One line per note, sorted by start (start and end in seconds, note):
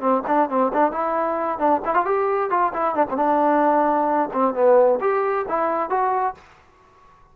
0.00 0.23 C4
0.27 0.49 D4
0.49 0.72 C4
0.73 0.92 D4
0.92 1.58 E4
1.58 1.81 D4
1.85 1.95 E4
1.95 2.05 F4
2.05 2.50 G4
2.50 2.73 F4
2.73 2.95 E4
2.95 3.06 D4
3.10 3.17 C4
3.17 4.29 D4
4.33 4.54 C4
4.54 4.99 B3
5.01 5.46 G4
5.48 5.90 E4
5.90 6.35 F#4